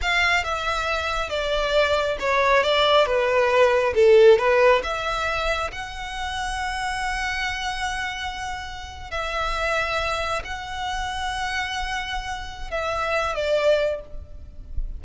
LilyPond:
\new Staff \with { instrumentName = "violin" } { \time 4/4 \tempo 4 = 137 f''4 e''2 d''4~ | d''4 cis''4 d''4 b'4~ | b'4 a'4 b'4 e''4~ | e''4 fis''2.~ |
fis''1~ | fis''8. e''2. fis''16~ | fis''1~ | fis''4 e''4. d''4. | }